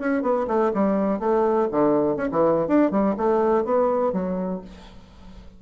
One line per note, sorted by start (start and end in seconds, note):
0.00 0.23 C#4
0.23 0.47 B3
0.48 0.72 A3
0.74 1.20 G3
1.20 1.69 A3
1.72 2.17 D3
2.17 2.29 C#4
2.32 2.68 E3
2.68 2.91 D4
2.91 3.16 G3
3.18 3.65 A3
3.65 4.13 B3
4.13 4.62 F#3